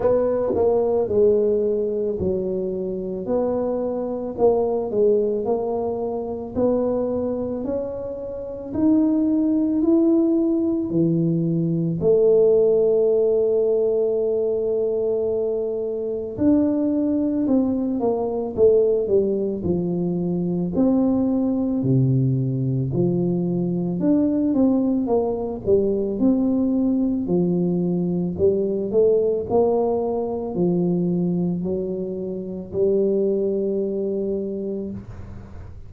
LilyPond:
\new Staff \with { instrumentName = "tuba" } { \time 4/4 \tempo 4 = 55 b8 ais8 gis4 fis4 b4 | ais8 gis8 ais4 b4 cis'4 | dis'4 e'4 e4 a4~ | a2. d'4 |
c'8 ais8 a8 g8 f4 c'4 | c4 f4 d'8 c'8 ais8 g8 | c'4 f4 g8 a8 ais4 | f4 fis4 g2 | }